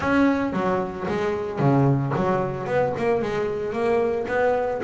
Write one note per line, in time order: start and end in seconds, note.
0.00 0.52 C#4
0.52 1.06 F#3
1.08 1.59 G#3
1.59 2.12 C#3
2.15 2.66 F#3
2.66 2.93 B3
2.97 3.22 A#3
3.22 3.72 G#3
3.72 4.26 A#3
4.27 4.81 B3